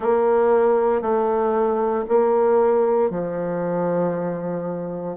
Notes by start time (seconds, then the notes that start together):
0.00 A#3
1.01 A3
2.08 A#3
3.10 F3